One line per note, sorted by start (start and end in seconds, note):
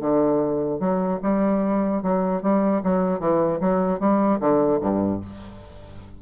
0.00 0.80 D3
0.80 1.20 F#3
1.22 2.02 G3
2.02 2.42 F#3
2.42 2.82 G3
2.83 3.19 F#3
3.19 3.59 E3
3.61 4.00 F#3
4.00 4.40 G3
4.40 4.80 D3
4.81 5.21 G2